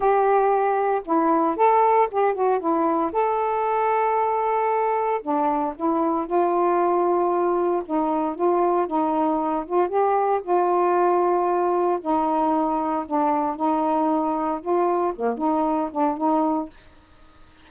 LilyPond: \new Staff \with { instrumentName = "saxophone" } { \time 4/4 \tempo 4 = 115 g'2 e'4 a'4 | g'8 fis'8 e'4 a'2~ | a'2 d'4 e'4 | f'2. dis'4 |
f'4 dis'4. f'8 g'4 | f'2. dis'4~ | dis'4 d'4 dis'2 | f'4 ais8 dis'4 d'8 dis'4 | }